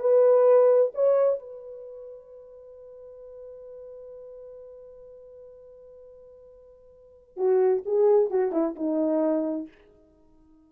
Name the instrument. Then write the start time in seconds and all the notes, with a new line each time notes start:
horn
0.00 B4
0.94 C#5
1.39 B4
7.37 F#4
7.86 G#4
8.31 F#4
8.52 E4
8.76 D#4